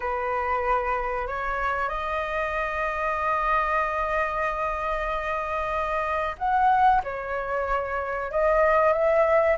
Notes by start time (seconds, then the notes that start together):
0.00 B4
1.27 C#5
1.89 D#5
6.38 F#5
7.03 C#5
8.31 D#5
8.92 E5